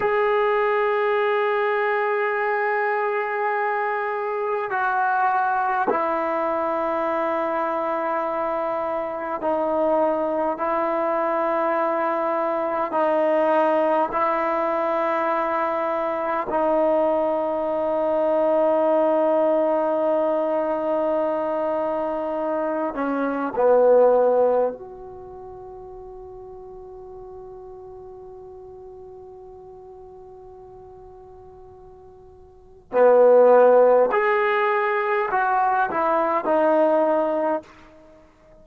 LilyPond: \new Staff \with { instrumentName = "trombone" } { \time 4/4 \tempo 4 = 51 gis'1 | fis'4 e'2. | dis'4 e'2 dis'4 | e'2 dis'2~ |
dis'2.~ dis'8 cis'8 | b4 fis'2.~ | fis'1 | b4 gis'4 fis'8 e'8 dis'4 | }